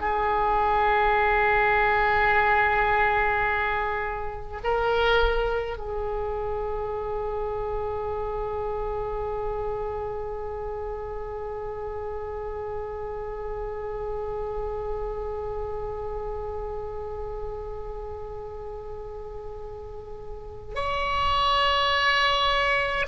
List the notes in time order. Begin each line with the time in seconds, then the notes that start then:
0.00 G#4
4.64 A#4
5.77 G#4
20.75 C#5